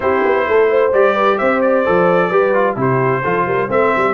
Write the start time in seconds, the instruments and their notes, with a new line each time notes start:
0.00 tuba C4, trombone E4, horn G4, trumpet C5
0.24 tuba B3
0.47 tuba A3, horn A4
0.70 horn C5
0.92 tuba G3, trombone G4, trumpet D5
1.14 horn B4
1.37 tuba C4, horn C5, trumpet E5
1.61 trumpet D5
1.85 tuba F3, trombone A4
2.29 tuba G3, trombone G4, horn B4
2.54 trombone F4
2.75 tuba C3, trombone E4, horn G4, trumpet C5
3.22 tuba F3, trombone F4, horn A4
3.45 tuba G3, horn A#4
3.67 tuba A3, trombone C4, horn C5, trumpet E5
3.95 tuba G3